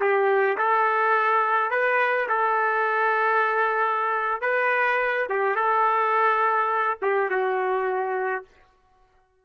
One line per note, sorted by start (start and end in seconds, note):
0.00 0.57 G4
0.58 1.70 A4
1.70 2.28 B4
2.29 4.41 A4
4.41 5.27 B4
5.29 5.55 G4
5.55 6.98 A4
7.01 7.30 G4
7.30 8.44 F#4